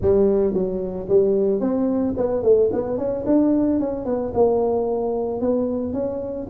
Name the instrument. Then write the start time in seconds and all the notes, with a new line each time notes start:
tuba
0.01 G3
0.53 F#3
1.09 G3
1.60 C4
2.16 B3
2.43 A3
2.72 B3
2.97 C#4
3.26 D4
3.79 C#4
4.05 B3
4.34 A#3
5.40 B3
5.93 C#4